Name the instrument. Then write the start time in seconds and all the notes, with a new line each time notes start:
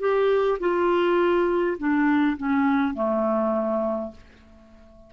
clarinet
0.00 G4
0.60 F4
1.78 D4
2.38 C#4
2.94 A3